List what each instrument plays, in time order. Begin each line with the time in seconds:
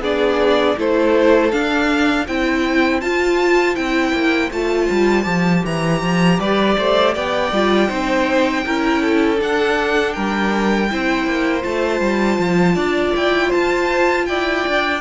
0.00 cello B3, viola D4, violin G#4 D5
0.77 cello A3, viola E4, violin A4 C5
1.52 viola D4, cello D4, violin F5
2.27 cello C4, viola E4, violin C5 G5
3.01 viola F4, cello F4, violin A5
3.75 cello C4, viola E4, violin G5
4.13 cello A#3
4.51 cello A3, viola F4, violin A5
4.91 cello G3
5.24 cello F3, viola G4
5.65 cello E3, violin A#5
6.02 cello F3
6.38 cello G3, violin B4 D5
6.78 cello A3, violin C5
7.14 cello B3, violin D5 G5
7.53 cello G3, viola F4
7.88 cello C4, viola D#4, violin C5
8.66 cello C#4, viola E4, violin A#4
9.02 violin A4
9.37 viola D4, cello D4, violin F#5
10.13 cello G3, violin A#4 G5
10.91 cello C4, viola E4, violin C5
11.26 cello A#3
11.62 cello A3, viola F4, violin A5
12.01 cello G3
12.39 cello F3
12.76 cello D4, violin D5
13.16 cello E4, violin G5
13.49 violin C5 A5
13.55 cello F4
14.26 cello E4, violin D5 G5
14.68 cello D4